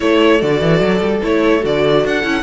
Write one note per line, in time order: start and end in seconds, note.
0.00 0.42 A3
0.00 0.39 E4
0.00 2.42 A4
0.00 0.41 C#5
0.39 0.61 D3
0.39 1.21 F#4
0.39 1.22 D5
0.61 0.80 E3
0.80 1.01 F#3
1.01 1.21 G3
1.21 1.64 A3
1.21 1.60 E4
1.21 1.65 C#5
1.60 2.04 D3
1.60 2.22 F#4
1.60 2.06 D5
2.04 2.23 D4
2.04 2.42 F#5
2.23 2.42 C#4
2.23 2.42 E4